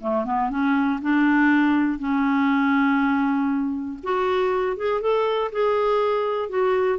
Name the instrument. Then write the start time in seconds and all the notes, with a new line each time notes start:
clarinet
0.00 A3
0.25 B3
0.50 C#4
1.01 D4
1.98 C#4
4.03 F#4
4.76 G#4
5.01 A4
5.52 G#4
6.49 F#4